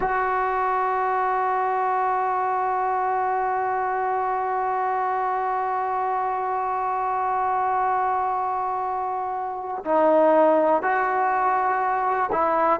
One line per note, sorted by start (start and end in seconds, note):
0.00 9.84 F#4
9.84 10.82 D#4
10.82 12.30 F#4
12.32 12.80 E4